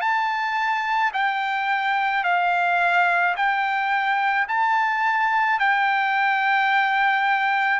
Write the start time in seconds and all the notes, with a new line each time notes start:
0.00 A5
1.13 G5
2.24 F5
3.36 G5
4.48 A5
5.59 G5